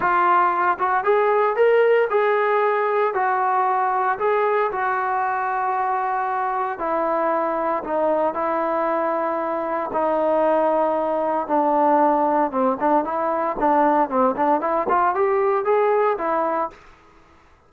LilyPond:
\new Staff \with { instrumentName = "trombone" } { \time 4/4 \tempo 4 = 115 f'4. fis'8 gis'4 ais'4 | gis'2 fis'2 | gis'4 fis'2.~ | fis'4 e'2 dis'4 |
e'2. dis'4~ | dis'2 d'2 | c'8 d'8 e'4 d'4 c'8 d'8 | e'8 f'8 g'4 gis'4 e'4 | }